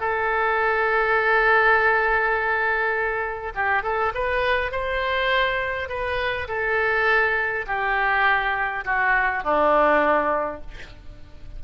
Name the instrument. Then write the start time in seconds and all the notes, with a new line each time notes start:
oboe
0.00 A4
3.55 G4
3.83 A4
4.15 B4
4.72 C5
5.89 B4
6.48 A4
7.67 G4
8.85 F#4
9.44 D4